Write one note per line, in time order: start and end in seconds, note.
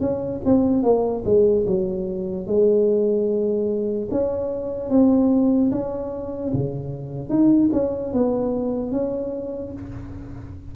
0.00 0.41 C#4
0.45 0.83 C4
0.83 1.23 A#3
1.25 1.65 G#3
1.67 2.46 F#3
2.46 4.08 G#3
4.11 4.90 C#4
4.90 5.71 C4
5.71 6.52 C#4
6.53 7.29 C#3
7.29 7.70 D#4
7.73 8.13 C#4
8.13 8.92 B3
8.92 9.73 C#4